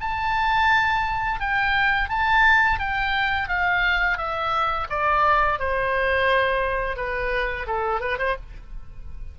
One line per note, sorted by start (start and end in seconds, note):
0.00 1.40 A5
1.40 2.09 G5
2.09 2.79 A5
2.79 3.48 G5
3.48 4.17 F5
4.17 4.87 E5
4.89 5.59 D5
5.59 6.96 C5
6.96 7.66 B4
7.66 8.00 A4
8.00 8.18 B4
8.18 8.36 C5